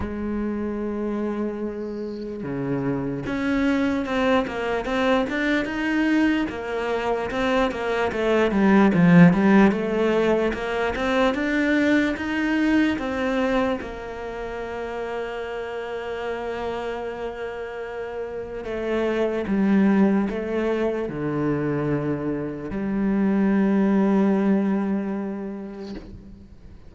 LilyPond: \new Staff \with { instrumentName = "cello" } { \time 4/4 \tempo 4 = 74 gis2. cis4 | cis'4 c'8 ais8 c'8 d'8 dis'4 | ais4 c'8 ais8 a8 g8 f8 g8 | a4 ais8 c'8 d'4 dis'4 |
c'4 ais2.~ | ais2. a4 | g4 a4 d2 | g1 | }